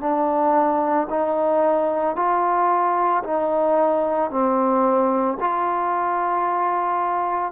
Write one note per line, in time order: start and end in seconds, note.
0.00 1.07 D4
1.10 2.16 D#4
2.16 3.23 F4
3.23 4.30 D#4
4.30 5.37 C4
5.40 7.52 F4